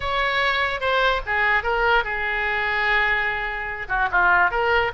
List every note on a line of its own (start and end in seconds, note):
0.00 0.80 C#5
0.80 1.21 C5
1.26 1.63 G#4
1.63 2.04 A#4
2.04 3.87 G#4
3.88 4.09 F#4
4.11 4.50 F4
4.50 4.91 A#4